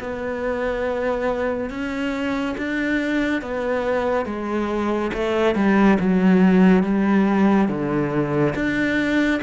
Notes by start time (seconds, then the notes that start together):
0.00 B3
1.70 C#4
2.58 D4
3.42 B3
4.26 G#3
5.14 A3
5.55 G3
6.00 F#3
6.83 G3
7.69 D3
8.55 D4